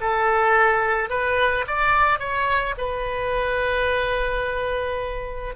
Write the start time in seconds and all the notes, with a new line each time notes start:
0.00 A4
1.09 B4
1.67 D5
2.19 C#5
2.77 B4